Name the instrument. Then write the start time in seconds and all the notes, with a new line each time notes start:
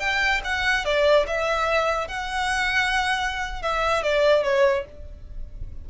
violin
0.00 G5
0.45 F#5
0.85 D5
1.27 E5
2.08 F#5
3.63 E5
4.03 D5
4.44 C#5